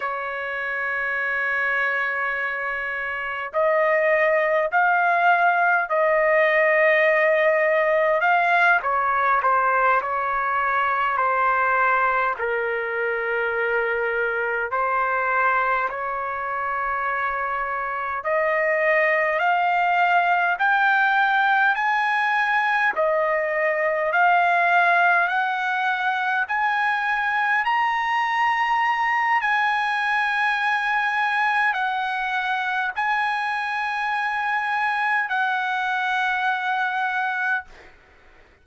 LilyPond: \new Staff \with { instrumentName = "trumpet" } { \time 4/4 \tempo 4 = 51 cis''2. dis''4 | f''4 dis''2 f''8 cis''8 | c''8 cis''4 c''4 ais'4.~ | ais'8 c''4 cis''2 dis''8~ |
dis''8 f''4 g''4 gis''4 dis''8~ | dis''8 f''4 fis''4 gis''4 ais''8~ | ais''4 gis''2 fis''4 | gis''2 fis''2 | }